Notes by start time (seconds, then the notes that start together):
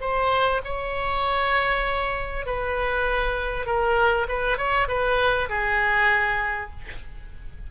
0.00 C5
0.64 C#5
2.45 B4
3.66 A#4
4.28 B4
4.57 C#5
4.88 B4
5.49 G#4